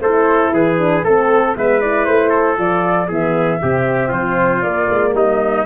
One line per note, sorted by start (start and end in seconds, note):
0.00 0.51 A3
0.00 0.78 E4
0.00 0.54 A4
0.00 0.52 C5
0.52 1.03 E3
0.52 1.04 G#4
0.52 1.04 B4
0.78 1.03 D4
1.03 1.55 A3
1.03 1.56 C4
1.03 1.55 A4
1.56 2.07 G#3
1.56 1.81 B3
1.56 2.29 B4
1.56 1.80 E5
1.80 2.57 E4
1.80 2.05 D5
2.05 2.58 A3
2.05 2.56 C5
2.29 3.06 A4
2.57 3.09 F3
2.57 3.08 F4
2.57 3.10 D5
3.07 3.60 E3
3.07 3.61 B3
3.07 3.59 G#4
3.07 4.12 E5
3.61 4.11 C3
3.61 4.63 C4
3.61 4.08 G4
4.08 4.62 F3
4.08 5.11 F4
4.08 4.62 C5
4.62 4.89 A#3
4.62 5.65 A#3
4.62 5.13 D5
4.90 5.13 G#3
5.13 5.65 G3
5.13 5.65 D#4
5.13 5.65 D#5